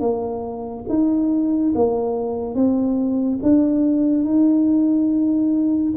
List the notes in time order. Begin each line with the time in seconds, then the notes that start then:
0.00 A#3
0.89 D#4
1.74 A#3
2.54 C4
3.42 D4
4.24 D#4